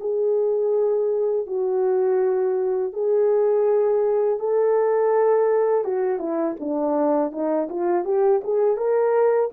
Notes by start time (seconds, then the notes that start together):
0.00 G#4
1.46 F#4
2.93 G#4
4.39 A4
5.84 F#4
6.19 E4
6.60 D4
7.31 D#4
7.69 F4
8.05 G4
8.43 G#4
8.77 A#4